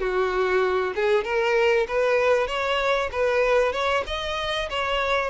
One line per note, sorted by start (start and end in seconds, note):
0.00 0.94 F#4
0.96 1.24 G#4
1.24 1.87 A#4
1.88 2.48 B4
2.48 3.10 C#5
3.12 3.73 B4
3.73 4.04 C#5
4.07 4.69 D#5
4.70 5.30 C#5